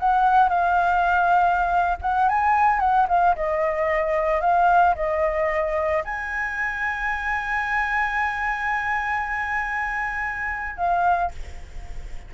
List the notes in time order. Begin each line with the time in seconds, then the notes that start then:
0.00 F#5
0.49 F5
2.02 F#5
2.29 G#5
2.80 F#5
3.09 F5
3.36 D#5
4.42 F5
4.96 D#5
6.05 G#5
10.77 F5